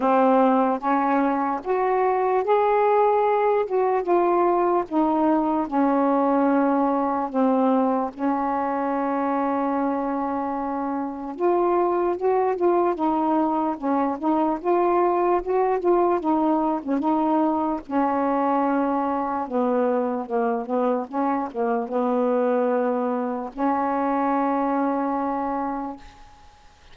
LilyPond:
\new Staff \with { instrumentName = "saxophone" } { \time 4/4 \tempo 4 = 74 c'4 cis'4 fis'4 gis'4~ | gis'8 fis'8 f'4 dis'4 cis'4~ | cis'4 c'4 cis'2~ | cis'2 f'4 fis'8 f'8 |
dis'4 cis'8 dis'8 f'4 fis'8 f'8 | dis'8. cis'16 dis'4 cis'2 | b4 ais8 b8 cis'8 ais8 b4~ | b4 cis'2. | }